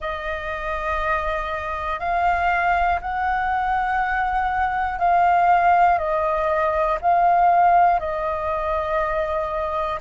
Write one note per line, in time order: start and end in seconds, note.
0.00 2.00 D#5
2.00 3.00 F5
3.00 4.98 F#5
4.98 5.98 F5
5.98 6.98 D#5
7.00 8.00 F5
8.00 10.00 D#5